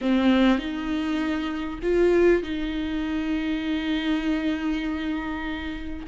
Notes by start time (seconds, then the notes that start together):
0.01 C4
0.58 D#4
1.82 F4
2.42 D#4